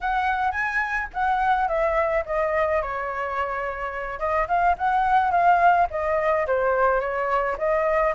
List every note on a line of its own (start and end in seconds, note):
0.00 0.51 F#5
0.51 1.07 G#5
1.13 1.68 F#5
1.68 2.24 E5
2.25 2.81 D#5
2.81 4.19 C#5
4.19 4.47 D#5
4.48 4.76 F5
4.78 5.31 F#5
5.31 5.87 F5
5.90 6.46 D#5
6.46 7.00 C5
7.00 7.56 C#5
7.58 8.14 D#5